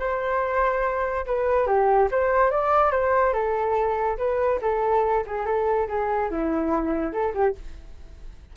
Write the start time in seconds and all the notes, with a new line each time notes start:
0.00 C5
1.26 B4
1.67 G4
2.12 C5
2.51 D5
2.92 C5
3.34 A4
4.18 B4
4.62 A4
5.27 G#4
5.46 A4
5.88 G#4
6.31 E4
7.13 A4
7.35 G4